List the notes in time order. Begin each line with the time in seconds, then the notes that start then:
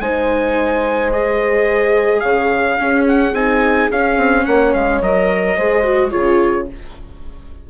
0.00 G#3 D#4 C5 G#5
1.12 G#4 D#5
2.20 C#3 C#5 F5
2.79 C#4 G#4
3.08 F#5
3.33 C4 D#4 G#5
3.91 C#4 F5
4.17 C4
4.45 A#3 C#5 F#5
4.74 G#3 F5
5.01 F#3 A#4 D#5
5.56 G#3 G#4 C5
5.83 F#4
6.10 C#3 F4 G#4 C#5